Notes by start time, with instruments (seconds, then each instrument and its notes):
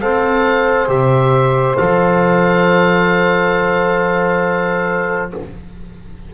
0.00 double bass C4, trombone A4, saxophone C5, oboe F5
0.88 double bass C3, trombone G4, oboe E5
1.76 double bass F3, trombone A4, oboe F5